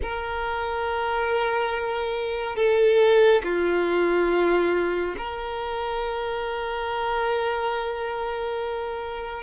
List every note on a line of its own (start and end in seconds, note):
0.02 2.56 A#4
2.56 3.41 A4
3.43 5.15 F4
5.17 9.42 A#4